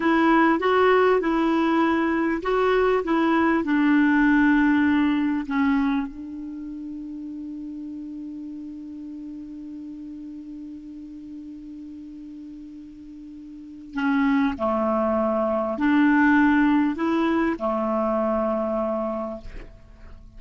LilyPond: \new Staff \with { instrumentName = "clarinet" } { \time 4/4 \tempo 4 = 99 e'4 fis'4 e'2 | fis'4 e'4 d'2~ | d'4 cis'4 d'2~ | d'1~ |
d'1~ | d'2. cis'4 | a2 d'2 | e'4 a2. | }